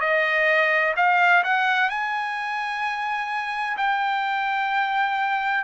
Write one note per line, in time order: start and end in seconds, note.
0.00 0.94 D#5
0.96 1.43 F5
1.43 1.89 F#5
1.89 3.77 G#5
3.77 5.63 G5